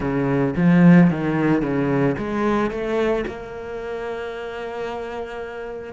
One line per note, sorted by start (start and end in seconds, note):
0.00 0.54 C#3
0.56 1.10 F3
1.10 1.62 D#3
1.62 2.16 C#3
2.18 2.71 G#3
2.71 3.25 A3
3.27 5.93 A#3